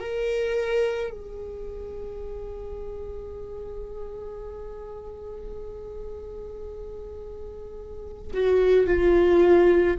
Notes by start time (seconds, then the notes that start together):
0.00 A#4
1.11 G#4
8.34 F#4
8.87 F4